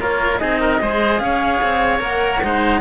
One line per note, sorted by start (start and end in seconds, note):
0.00 0.41 A#3
0.00 0.40 F4
0.00 0.41 A#4
0.00 0.38 C#5
0.38 0.81 C4
0.38 0.80 D#4
0.38 0.60 G#4
0.38 1.19 D#5
0.60 0.81 A#4
0.81 1.20 G#3
0.81 1.99 G#4
0.81 1.22 C5
1.19 1.60 C#4
1.19 2.44 C#5
1.19 2.00 F5
1.62 2.01 C4
1.99 2.41 A#3
1.99 2.40 A#4
1.99 2.81 F#5
2.43 2.81 G#3
2.43 2.81 D#4
2.43 2.81 C5